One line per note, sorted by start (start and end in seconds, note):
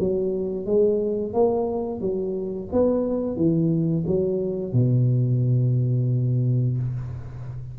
0.00 0.66 F#3
0.66 1.34 G#3
1.34 2.01 A#3
2.01 2.69 F#3
2.73 3.37 B3
3.37 4.05 E3
4.07 4.74 F#3
4.74 6.78 B2